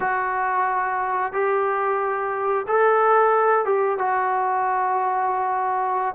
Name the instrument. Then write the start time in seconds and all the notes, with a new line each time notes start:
trombone
0.00 F#4
1.32 G4
2.67 A4
3.65 G4
3.98 F#4